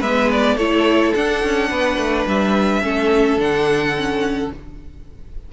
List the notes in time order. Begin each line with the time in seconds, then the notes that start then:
0.00 G#3 B3 B4 E5
0.32 D5
0.57 A3 E4 A4 C#5
1.15 D4 F#5
1.44 C#4
1.70 B3 B4
1.98 A3
2.27 G3 E5
2.82 A3 C#4 A4
3.37 D3 D4 F#5
3.97 C#4